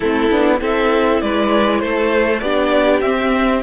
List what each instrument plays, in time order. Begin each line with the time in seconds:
0.00 cello A3, viola C4, violin E4 A4
0.30 cello B3, viola D4
0.57 cello C4, viola E4, violin A4 E5
1.21 cello G#3, violin B4 D5
1.79 cello A3, violin A4 C5
2.39 cello B3, viola D4, violin G4 D5
3.00 cello C4, viola C4, violin E5